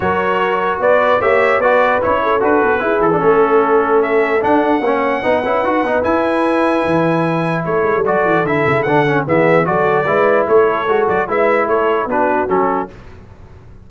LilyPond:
<<
  \new Staff \with { instrumentName = "trumpet" } { \time 4/4 \tempo 4 = 149 cis''2 d''4 e''4 | d''4 cis''4 b'4. a'8~ | a'2 e''4 fis''4~ | fis''2. gis''4~ |
gis''2. cis''4 | d''4 e''4 fis''4 e''4 | d''2 cis''4. d''8 | e''4 cis''4 b'4 a'4 | }
  \new Staff \with { instrumentName = "horn" } { \time 4/4 ais'2 b'4 cis''4 | b'4. a'4. gis'4 | a'1 | cis''4 b'2.~ |
b'2. a'4~ | a'2. gis'4 | a'4 b'4 a'2 | b'4 a'4 fis'2 | }
  \new Staff \with { instrumentName = "trombone" } { \time 4/4 fis'2. g'4 | fis'4 e'4 fis'4 e'8. d'16 | cis'2. d'4 | cis'4 dis'8 e'8 fis'8 dis'8 e'4~ |
e'1 | fis'4 e'4 d'8 cis'8 b4 | fis'4 e'2 fis'4 | e'2 d'4 cis'4 | }
  \new Staff \with { instrumentName = "tuba" } { \time 4/4 fis2 b4 ais4 | b4 cis'4 d'8 b8 e'8 e8 | a2. d'4 | ais4 b8 cis'8 dis'8 b8 e'4~ |
e'4 e2 a8 gis16 g16 | fis8 e8 d8 cis8 d4 e4 | fis4 gis4 a4 gis8 fis8 | gis4 a4 b4 fis4 | }
>>